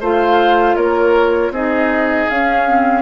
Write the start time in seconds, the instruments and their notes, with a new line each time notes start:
0.00 bassoon A3, clarinet F4, oboe C5, flute F5
0.75 bassoon A#3, oboe A#4, flute C#5
1.50 bassoon C4, clarinet D#4, oboe G#4, flute D#5
2.29 bassoon C#4, clarinet C#4, flute F5
2.67 clarinet C4